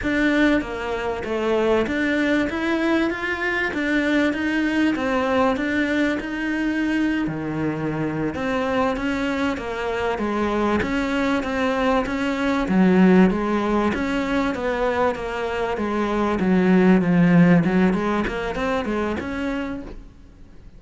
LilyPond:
\new Staff \with { instrumentName = "cello" } { \time 4/4 \tempo 4 = 97 d'4 ais4 a4 d'4 | e'4 f'4 d'4 dis'4 | c'4 d'4 dis'4.~ dis'16 dis16~ | dis4. c'4 cis'4 ais8~ |
ais8 gis4 cis'4 c'4 cis'8~ | cis'8 fis4 gis4 cis'4 b8~ | b8 ais4 gis4 fis4 f8~ | f8 fis8 gis8 ais8 c'8 gis8 cis'4 | }